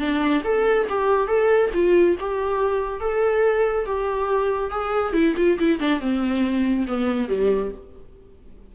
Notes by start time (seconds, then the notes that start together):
0.00 D4
0.45 A4
0.90 G4
1.28 A4
1.75 F4
2.20 G4
3.01 A4
3.86 G4
4.71 G#4
5.14 E4
5.37 F4
5.60 E4
5.80 D4
6.01 C4
6.88 B3
7.29 G3